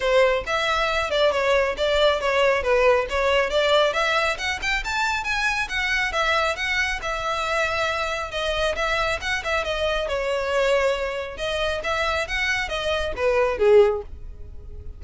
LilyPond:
\new Staff \with { instrumentName = "violin" } { \time 4/4 \tempo 4 = 137 c''4 e''4. d''8 cis''4 | d''4 cis''4 b'4 cis''4 | d''4 e''4 fis''8 g''8 a''4 | gis''4 fis''4 e''4 fis''4 |
e''2. dis''4 | e''4 fis''8 e''8 dis''4 cis''4~ | cis''2 dis''4 e''4 | fis''4 dis''4 b'4 gis'4 | }